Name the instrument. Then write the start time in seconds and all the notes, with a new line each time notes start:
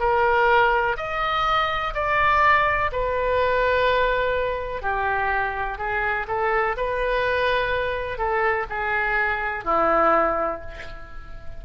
oboe
0.00 A#4
0.97 D#5
1.94 D5
2.92 B4
4.83 G4
5.78 G#4
6.28 A4
6.77 B4
8.18 A4
8.70 G#4
9.65 E4